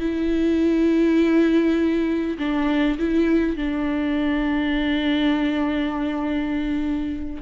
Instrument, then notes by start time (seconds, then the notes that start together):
viola
0.00 E4
2.38 D4
2.98 E4
3.56 D4